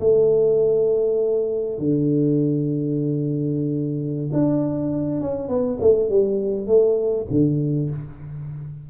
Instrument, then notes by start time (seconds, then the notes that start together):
tuba
0.00 A3
1.78 D3
4.33 D4
5.20 C#4
5.48 B3
5.81 A3
6.09 G3
6.67 A3
7.30 D3